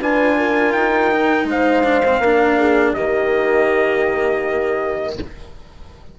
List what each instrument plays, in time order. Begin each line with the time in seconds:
0.00 bassoon D4, cello F4, horn B4, trumpet G#5
0.37 horn A#4
0.73 bassoon D#4, trumpet G5
1.11 cello D#4
1.45 bassoon G#3, horn C5, trumpet F5
1.83 cello D4
2.05 cello C4
2.19 bassoon A#3, cello D4, horn A#4
2.58 horn G#4
2.93 bassoon D#3, cello A#3, horn G4, trumpet D#5